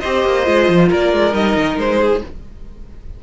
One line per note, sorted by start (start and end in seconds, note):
0.00 0.25 C4
0.00 0.44 G4
0.00 0.88 C5
0.00 0.88 D#5
0.25 0.47 A#3
0.44 0.68 G#3
0.44 1.32 F4
0.68 0.90 F3
0.88 1.13 A#3
0.88 1.99 A#4
0.88 1.34 D5
1.13 1.34 G#3
1.32 1.56 G3
1.32 2.20 D#4
1.32 1.78 D#5
1.56 1.77 D#3
1.77 2.21 G#3
1.77 2.23 C5
1.99 2.21 G#4